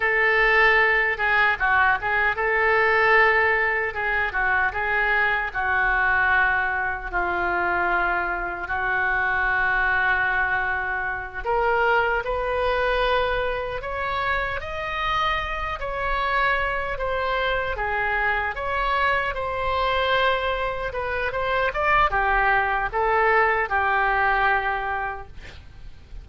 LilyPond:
\new Staff \with { instrumentName = "oboe" } { \time 4/4 \tempo 4 = 76 a'4. gis'8 fis'8 gis'8 a'4~ | a'4 gis'8 fis'8 gis'4 fis'4~ | fis'4 f'2 fis'4~ | fis'2~ fis'8 ais'4 b'8~ |
b'4. cis''4 dis''4. | cis''4. c''4 gis'4 cis''8~ | cis''8 c''2 b'8 c''8 d''8 | g'4 a'4 g'2 | }